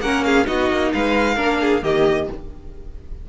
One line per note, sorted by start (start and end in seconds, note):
0.00 0.45 A#3
0.00 0.44 C#4
0.00 0.24 A#4
0.00 0.23 F#5
0.23 0.47 G#4
0.23 0.46 F5
0.44 0.70 B3
0.44 1.35 D#4
0.44 0.92 F#4
0.44 0.92 D#5
0.70 0.92 A#3
0.92 1.37 G#3
0.92 1.35 B4
0.92 1.83 F5
1.35 1.82 A#3
1.35 1.82 D4
1.35 1.58 A#4
1.60 1.83 G#4
1.82 2.27 D#3
1.82 2.27 A#3
1.82 2.29 G4
1.82 2.29 D#5